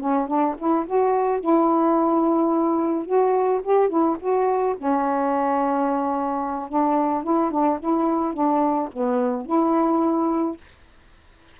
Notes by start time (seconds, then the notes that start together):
0.00 C#4
0.28 D4
0.58 E4
0.87 F#4
1.40 E4
3.06 F#4
3.63 G4
3.89 E4
4.20 F#4
4.78 C#4
6.69 D4
7.24 E4
7.51 D4
7.80 E4
8.34 D4
8.93 B3
9.46 E4